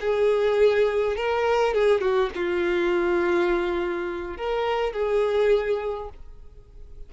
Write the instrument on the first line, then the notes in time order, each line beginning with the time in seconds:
violin
0.00 G#4
1.16 A#4
1.74 G#4
2.00 F#4
2.34 F4
4.37 A#4
4.92 G#4